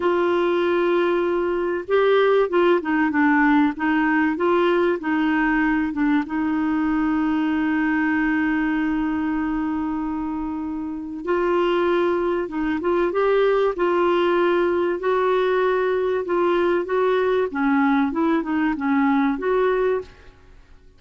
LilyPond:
\new Staff \with { instrumentName = "clarinet" } { \time 4/4 \tempo 4 = 96 f'2. g'4 | f'8 dis'8 d'4 dis'4 f'4 | dis'4. d'8 dis'2~ | dis'1~ |
dis'2 f'2 | dis'8 f'8 g'4 f'2 | fis'2 f'4 fis'4 | cis'4 e'8 dis'8 cis'4 fis'4 | }